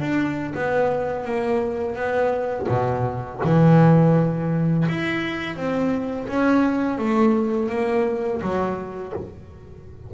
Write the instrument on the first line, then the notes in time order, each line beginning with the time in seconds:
double bass
0.00 D4
0.55 B3
1.24 A#3
1.95 B3
2.69 B2
3.44 E3
4.88 E4
5.56 C4
6.28 C#4
6.98 A3
7.69 A#3
8.41 F#3